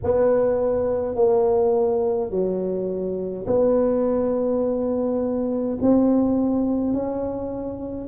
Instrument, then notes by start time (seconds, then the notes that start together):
tuba
0.03 B3
1.15 A#3
2.30 F#3
3.46 B3
5.81 C4
6.93 C#4